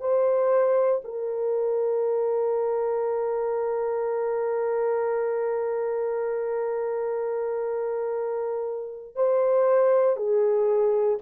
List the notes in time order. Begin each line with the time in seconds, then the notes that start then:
0.00 C5
1.04 A#4
9.15 C5
10.16 G#4